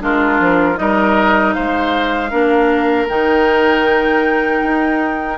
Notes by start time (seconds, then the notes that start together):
0.00 G#3 D4 F4 A#4
0.40 F3
0.75 G3 D#4 A#4 D#5
1.53 G#3 C5 F5
2.30 A#3 D4 A#4
3.08 D#3 D#4 G5
4.62 D#4